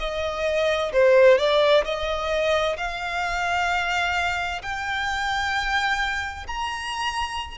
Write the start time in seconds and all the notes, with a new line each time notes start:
0.00 D#5
0.93 C5
1.38 D5
1.85 D#5
2.77 F5
4.62 G5
6.47 A#5